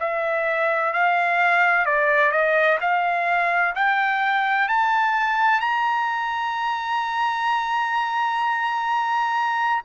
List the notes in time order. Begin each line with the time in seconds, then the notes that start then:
0.00 E5
0.93 F5
1.85 D5
2.32 D#5
2.81 F5
3.75 G5
4.68 A5
5.60 A#5